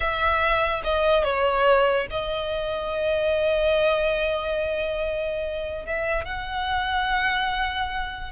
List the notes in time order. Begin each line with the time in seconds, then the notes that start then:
0.00 E5
0.83 D#5
1.23 C#5
2.10 D#5
5.85 E5
6.24 F#5